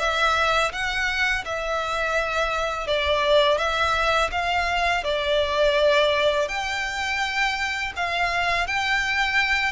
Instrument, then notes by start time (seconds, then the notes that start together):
violin
0.00 E5
0.73 F#5
1.46 E5
2.88 D5
3.58 E5
4.32 F5
5.04 D5
6.49 G5
7.97 F5
8.67 G5